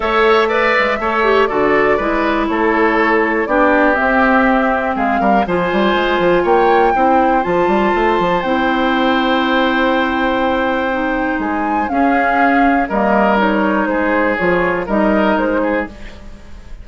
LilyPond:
<<
  \new Staff \with { instrumentName = "flute" } { \time 4/4 \tempo 4 = 121 e''2. d''4~ | d''4 cis''2 d''4 | e''2 f''4 gis''4~ | gis''4 g''2 a''4~ |
a''4 g''2.~ | g''2. gis''4 | f''2 dis''4 cis''4 | c''4 cis''4 dis''4 c''4 | }
  \new Staff \with { instrumentName = "oboe" } { \time 4/4 cis''4 d''4 cis''4 a'4 | b'4 a'2 g'4~ | g'2 gis'8 ais'8 c''4~ | c''4 cis''4 c''2~ |
c''1~ | c''1 | gis'2 ais'2 | gis'2 ais'4. gis'8 | }
  \new Staff \with { instrumentName = "clarinet" } { \time 4/4 a'4 b'4 a'8 g'8 fis'4 | e'2. d'4 | c'2. f'4~ | f'2 e'4 f'4~ |
f'4 e'2.~ | e'2 dis'2 | cis'2 ais4 dis'4~ | dis'4 f'4 dis'2 | }
  \new Staff \with { instrumentName = "bassoon" } { \time 4/4 a4. gis8 a4 d4 | gis4 a2 b4 | c'2 gis8 g8 f8 g8 | gis8 f8 ais4 c'4 f8 g8 |
a8 f8 c'2.~ | c'2. gis4 | cis'2 g2 | gis4 f4 g4 gis4 | }
>>